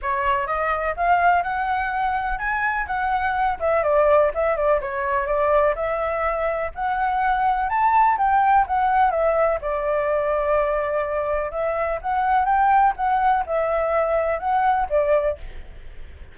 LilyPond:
\new Staff \with { instrumentName = "flute" } { \time 4/4 \tempo 4 = 125 cis''4 dis''4 f''4 fis''4~ | fis''4 gis''4 fis''4. e''8 | d''4 e''8 d''8 cis''4 d''4 | e''2 fis''2 |
a''4 g''4 fis''4 e''4 | d''1 | e''4 fis''4 g''4 fis''4 | e''2 fis''4 d''4 | }